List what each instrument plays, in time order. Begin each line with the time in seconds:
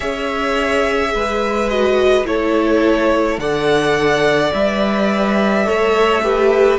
0.00 cello C#4, viola G#4, violin C#5 E5
1.13 cello G#3, violin B4
1.69 viola F#4, violin D#5
2.25 cello A3, viola E4, violin A4 C#5
3.38 cello D3, viola A4, violin D5 F#5
4.53 cello G3, viola B4, violin E5
5.64 cello A3, viola A4, violin C#5
6.23 viola G4, violin B4